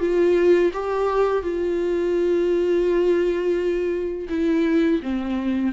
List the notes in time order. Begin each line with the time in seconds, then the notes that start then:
0.00 F4
0.73 G4
1.43 F4
4.30 E4
5.03 C4